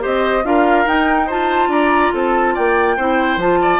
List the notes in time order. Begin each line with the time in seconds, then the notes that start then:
0.00 C4 G4 C5 D#5
0.44 D4 F4 A#4 F5
0.85 D#4 G5
1.26 F4 C5 A5
1.68 D4 D5 A#5
2.13 C4 A4 A5
2.54 A#3 D5 G5
2.96 C4 E4 C5
3.36 F3 F4 A5
3.61 D5